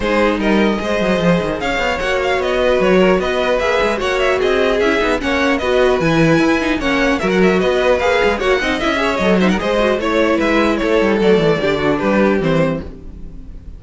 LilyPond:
<<
  \new Staff \with { instrumentName = "violin" } { \time 4/4 \tempo 4 = 150 c''4 dis''2. | f''4 fis''8 f''8 dis''4 cis''4 | dis''4 e''4 fis''8 e''8 dis''4 | e''4 fis''4 dis''4 gis''4~ |
gis''4 fis''4 e''16 fis''16 e''8 dis''4 | f''4 fis''4 e''4 dis''8 e''16 fis''16 | dis''4 cis''4 e''4 cis''4 | d''2 b'4 c''4 | }
  \new Staff \with { instrumentName = "violin" } { \time 4/4 gis'4 ais'4 c''2 | cis''2~ cis''8 b'4 ais'8 | b'2 cis''4 gis'4~ | gis'4 cis''4 b'2~ |
b'4 cis''4 ais'4 b'4~ | b'4 cis''8 dis''4 cis''4 c''16 ais'16 | c''4 cis''4 b'4 a'4~ | a'4 g'8 fis'8 g'2 | }
  \new Staff \with { instrumentName = "viola" } { \time 4/4 dis'2 gis'2~ | gis'4 fis'2.~ | fis'4 gis'4 fis'2 | e'8 dis'8 cis'4 fis'4 e'4~ |
e'8 dis'8 cis'4 fis'2 | gis'4 fis'8 dis'8 e'8 gis'8 a'8 dis'8 | gis'8 fis'8 e'2. | a4 d'2 c'4 | }
  \new Staff \with { instrumentName = "cello" } { \time 4/4 gis4 g4 gis8 fis8 f8 dis8 | cis'8 b8 ais4 b4 fis4 | b4 ais8 gis8 ais4 c'4 | cis'8 b8 ais4 b4 e4 |
e'4 ais4 fis4 b4 | ais8 gis8 ais8 c'8 cis'4 fis4 | gis4 a4 gis4 a8 g8 | fis8 e8 d4 g4 e4 | }
>>